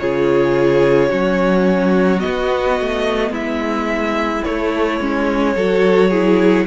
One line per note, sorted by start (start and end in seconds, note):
0.00 1.12 C#3
0.00 1.10 F4
0.00 1.09 G#4
0.00 2.20 C#5
1.09 2.23 F#3
1.09 2.19 C#4
1.09 3.31 F#4
2.19 4.41 B3
2.19 3.31 D#5
2.25 2.81 B3
2.81 3.31 A3
3.31 4.42 G#3
3.31 5.54 E4
3.31 4.44 E5
4.44 5.00 A3
4.44 6.67 C#5
5.00 5.55 G#3
5.00 5.56 C#4
5.56 6.67 F#3
5.56 6.12 F#4
5.56 6.10 A4
6.10 6.67 E4
6.10 6.66 G#4